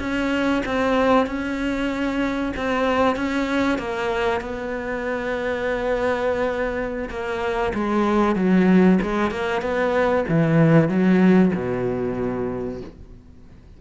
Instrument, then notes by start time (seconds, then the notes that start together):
cello
0.00 C#4
0.66 C4
1.27 C#4
2.57 C4
3.16 C#4
3.79 A#3
4.41 B3
7.10 A#3
7.75 G#3
8.36 F#3
9.02 G#3
9.31 A#3
9.62 B3
10.29 E3
10.89 F#3
11.55 B2